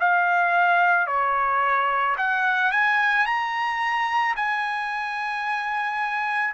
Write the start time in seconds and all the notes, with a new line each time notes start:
0.00 F5
1.07 C#5
2.18 F#5
2.72 G#5
3.26 A#5
4.36 G#5